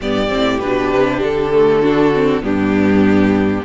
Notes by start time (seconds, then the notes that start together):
0.01 G2 B3 G4 D5
0.28 A2 C4
0.59 B2 D4 B4
0.91 C3
1.20 D3 A4
1.52 A3
1.81 D4 F#4
2.14 C4
2.42 G2 B3 D4 G4